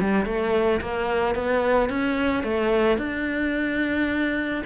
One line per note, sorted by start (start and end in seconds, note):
0.00 0.25 G3
0.25 0.80 A3
0.81 1.35 A#3
1.35 1.89 B3
1.89 2.43 C#4
2.43 2.98 A3
2.98 4.63 D4